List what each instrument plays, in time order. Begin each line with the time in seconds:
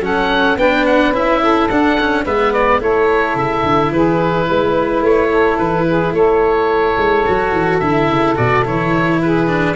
0.00 tuba F#3, cello C#4, saxophone A4, oboe F#5
0.56 tuba B3, cello D4, saxophone B4, oboe G5
0.86 oboe F#5
1.12 tuba C#4, cello E4, oboe E5
1.42 saxophone A4
1.69 tuba D4, cello D4, oboe F#5
2.00 cello C#4
2.23 tuba G#3, cello B3, saxophone B4, oboe E5
2.53 oboe D5
2.80 tuba A3, cello E4, saxophone A4, oboe C#5
3.35 tuba C#3, oboe E5
3.63 tuba D3
3.92 tuba E3, saxophone G#4, oboe B4
4.45 tuba G#3, saxophone B4
5.02 tuba A3, oboe C#5
5.30 saxophone A4
5.58 tuba E3, oboe B4
5.87 saxophone G#4
6.12 tuba A3, saxophone A4, oboe C#5
6.97 tuba G#3
7.26 tuba F#3, cello F#4
7.52 tuba E3
7.79 tuba D3, cello E4, oboe E5
8.09 tuba C#3
8.36 tuba B2, cello F#4, oboe D5
8.65 tuba E3, cello E4, oboe C#5
9.22 saxophone G#4, oboe B4
9.47 cello D4